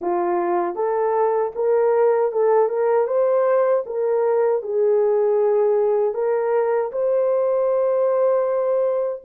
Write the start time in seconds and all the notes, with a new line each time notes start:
0.01 F4
0.75 A4
1.55 A#4
2.31 A4
2.68 A#4
3.07 C5
3.86 A#4
4.62 G#4
6.14 A#4
6.92 C5